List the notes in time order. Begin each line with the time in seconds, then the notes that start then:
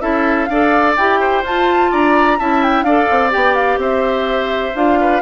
0.00 C#4 E4 A4 E5
0.45 D4 D5 F5
0.51 A4
0.96 E4 G4 G5
1.20 C5
1.43 F4 A5
1.91 D4 D5 A#5
2.39 C#4 E4 E5 A5
2.63 G5
2.83 D4 A4 D5 F5
3.10 C4
3.30 B3 G4 G5
3.55 F5
3.77 C4 C5 E5
4.75 D4 F4 F5
5.00 B4